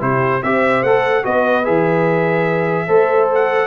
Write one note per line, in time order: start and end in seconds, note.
0.00 0.43 C3
0.00 0.41 E4
0.00 0.44 G4
0.00 0.43 C5
0.43 0.83 C4
0.43 0.86 G4
0.43 1.25 C5
0.43 0.83 E5
0.83 1.24 A3
0.83 1.23 A4
0.83 1.25 F#5
1.23 1.67 B3
1.23 1.64 F#4
1.23 2.87 B4
1.23 1.65 D#5
1.64 2.88 E3
1.64 2.88 G#4
1.64 3.30 E5
2.87 3.67 A3
2.87 3.67 A4
2.87 3.67 C5
3.34 3.67 F#5